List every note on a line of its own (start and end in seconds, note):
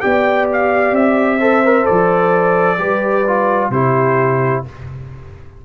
0.00 0.92 B3
0.00 1.39 G4
0.00 1.38 D5
0.00 0.46 G5
0.52 0.95 F5
0.92 1.84 C4
0.92 1.86 E5
1.38 1.63 A4
1.38 2.77 C5
1.65 1.84 A#4
1.84 2.78 F3
1.84 2.77 A4
1.84 3.70 D5
2.78 3.69 G3
2.78 3.24 G4
2.78 3.71 B4
3.27 3.72 F4
3.69 4.62 C3
3.69 4.65 E4
3.69 4.64 G4
3.69 4.63 C5